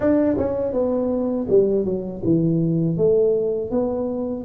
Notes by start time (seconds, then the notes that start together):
0.00 D4
0.37 C#4
0.72 B3
1.49 G3
1.85 F#3
2.24 E3
2.97 A3
3.70 B3